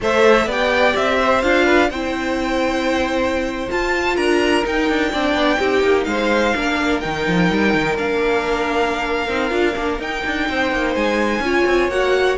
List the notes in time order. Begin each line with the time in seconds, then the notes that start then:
0.00 A3 A4 C5 E5
0.45 B3 G4 D5 G5
0.96 C4 E5
1.19 C5
1.42 D4 F4 F5
1.64 B4
1.90 C4 E4 C5 G5
3.69 F4 A5
4.15 D4 A#4 A#5
4.64 D#4 G5
4.88 D4
5.11 C4 D4 D5
5.33 B3
5.59 C4 D#4 G4
5.82 A#3
6.04 G#3 C5 F5
6.55 A#3 D4 A#4
7.00 D#3 D#4 G5
7.27 F3
7.50 G3
7.74 D#3
7.97 A#3 D4 F5
9.28 C4 D#4
9.49 D4 F4
9.74 A#3 D4
9.98 D#4 G5
10.25 D4
10.48 C4 C5
10.72 A#3
10.95 G#3 G#5
11.39 C#4 F4 C#5
11.65 C4
11.88 A#3 F#4 F#5